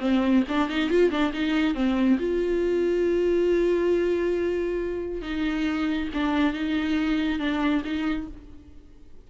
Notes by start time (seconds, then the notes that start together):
0.00 C4
0.48 D4
0.69 D#4
0.90 F4
1.10 D4
1.33 D#4
1.75 C4
2.19 F4
5.22 D#4
6.14 D4
6.53 D#4
7.39 D4
7.84 D#4